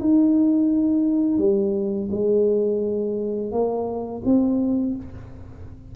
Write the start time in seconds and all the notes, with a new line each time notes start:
0.00 D#4
1.38 G3
2.11 G#3
3.52 A#3
4.25 C4